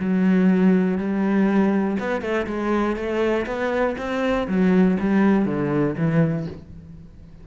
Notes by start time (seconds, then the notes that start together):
0.00 F#3
0.98 G3
1.99 B3
2.22 A3
2.47 G#3
2.96 A3
3.47 B3
3.98 C4
4.48 F#3
5.00 G3
5.46 D3
5.98 E3